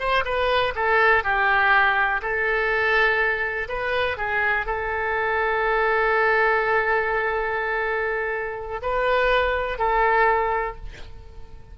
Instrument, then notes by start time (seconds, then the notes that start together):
oboe
0.00 C5
0.25 B4
0.76 A4
1.24 G4
2.22 A4
3.69 B4
4.17 G#4
4.66 A4
8.82 B4
9.79 A4